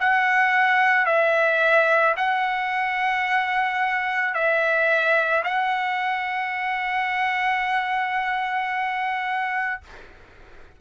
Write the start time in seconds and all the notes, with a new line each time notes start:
0.00 F#5
1.06 E5
2.17 F#5
4.35 E5
5.44 F#5